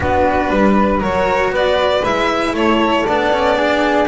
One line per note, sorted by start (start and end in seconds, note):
0.00 0.50 B3
0.00 1.00 D4
0.00 0.50 F#4
0.00 1.03 B4
0.50 1.01 G3
0.50 1.00 B4
1.00 1.50 F#3
1.00 2.01 F#4
1.00 1.51 A#4
1.00 1.54 C#5
1.50 2.01 B3
1.50 2.53 B4
1.50 2.04 D5
2.04 2.52 G#3
2.04 3.07 E4
2.04 2.55 E5
2.52 3.03 A3
2.52 3.56 A4
2.52 3.06 C#5
3.06 4.08 B3
3.06 3.33 D4
3.06 4.08 D5
3.33 3.55 C#4
3.55 4.06 D4
3.55 4.07 G#4